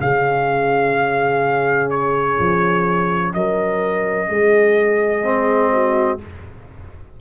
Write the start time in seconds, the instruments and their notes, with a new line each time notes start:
0.00 tuba C#3, trombone C#4, horn G#4, trumpet F5
1.90 trumpet C#5
2.39 tuba F3
3.34 tuba F#3, horn A#4, trumpet D#5
4.29 tuba G#3, horn G#4
5.23 trombone C4
5.73 horn F#4